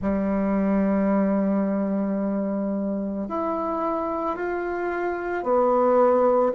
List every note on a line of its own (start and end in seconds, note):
0.01 3.28 G3
3.28 4.35 E4
4.35 5.43 F4
5.43 6.52 B3